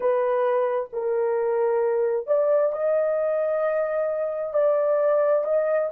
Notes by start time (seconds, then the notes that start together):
0.00 B4
0.92 A#4
2.26 D5
2.72 D#5
4.53 D5
5.44 D#5